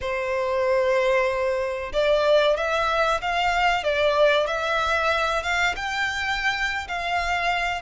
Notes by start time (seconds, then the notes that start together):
0.01 C5
1.92 D5
2.56 E5
3.21 F5
3.83 D5
4.47 E5
5.43 F5
5.76 G5
6.88 F5